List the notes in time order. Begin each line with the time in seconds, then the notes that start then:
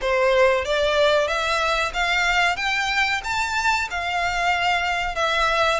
0.01 C5
0.64 D5
1.27 E5
1.93 F5
2.56 G5
3.24 A5
3.90 F5
5.15 E5